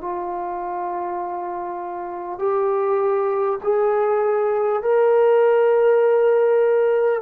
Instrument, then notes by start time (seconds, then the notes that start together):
trombone
0.00 F4
2.38 G4
3.63 G#4
4.82 A#4